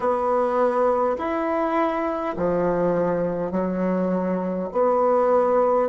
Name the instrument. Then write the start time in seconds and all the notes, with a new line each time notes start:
bassoon
0.00 B3
1.18 E4
2.36 F3
3.51 F#3
4.72 B3